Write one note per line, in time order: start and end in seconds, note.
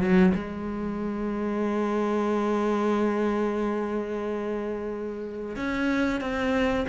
0.00 0.33 F#3
0.35 5.56 G#3
5.56 6.21 C#4
6.21 6.86 C4